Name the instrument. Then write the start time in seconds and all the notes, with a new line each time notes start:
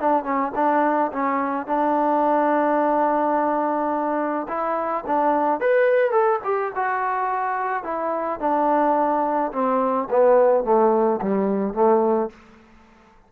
trombone
0.00 D4
0.24 C#4
0.55 D4
1.12 C#4
1.66 D4
4.48 E4
5.07 D4
5.60 B4
6.11 A4
6.44 G4
6.75 F#4
7.84 E4
8.40 D4
9.52 C4
10.10 B3
10.64 A3
11.22 G3
11.74 A3